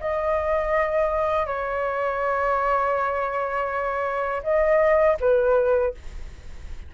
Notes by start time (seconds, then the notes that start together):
0.00 D#5
1.46 C#5
4.43 D#5
5.20 B4